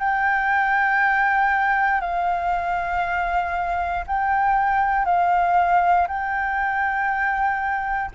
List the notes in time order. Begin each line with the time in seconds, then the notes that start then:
0.00 G5
2.02 F5
4.07 G5
5.06 F5
6.08 G5